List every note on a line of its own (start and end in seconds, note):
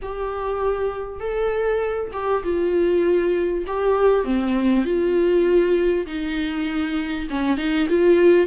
0.02 1.20 G4
1.20 2.10 A4
2.12 2.43 G4
2.43 3.64 F4
3.66 4.24 G4
4.24 4.84 C4
4.84 6.06 F4
6.06 7.27 D#4
7.29 7.57 C#4
7.57 7.87 D#4
7.89 8.47 F4